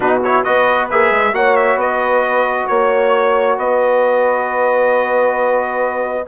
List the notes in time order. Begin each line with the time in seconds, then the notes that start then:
0.00 B2 D#4 F#4 B4
0.23 E4 C#5
0.43 B3 F#4 B4 D#5
0.90 A#3 G#4 E5
1.10 G#3
1.33 A#3 F#4 C#5 F#5
1.56 E5
1.75 B3 B4 D#5
2.67 A#3 C#5
3.57 B3 B4 D#5